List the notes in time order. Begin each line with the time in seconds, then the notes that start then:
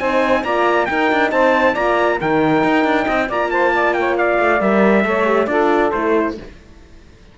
0.00 C4 D#4 C5 G#5
0.44 A#3 F4 D5 A#5
0.86 D#4 A#4 G5
1.12 D4
1.32 C4 C5 A5
1.73 A#3 F4 D5 A#5
2.20 D#3 D#4 A#4 G5
2.64 D#4
2.85 D4
3.06 C4 D#5
3.28 A#3 F4 D5 A#5
3.51 C5 A5
3.74 D5
3.94 C#5 G5
4.18 D5 F5
4.39 A3
4.61 G3 A#4 E5
5.05 A3 A4 C#5
5.25 G4
5.47 D4 F4 A4 D5
5.92 A3 E4 C5